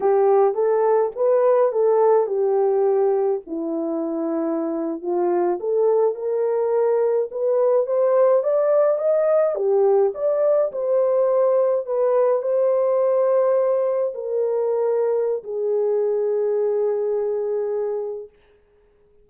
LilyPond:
\new Staff \with { instrumentName = "horn" } { \time 4/4 \tempo 4 = 105 g'4 a'4 b'4 a'4 | g'2 e'2~ | e'8. f'4 a'4 ais'4~ ais'16~ | ais'8. b'4 c''4 d''4 dis''16~ |
dis''8. g'4 d''4 c''4~ c''16~ | c''8. b'4 c''2~ c''16~ | c''8. ais'2~ ais'16 gis'4~ | gis'1 | }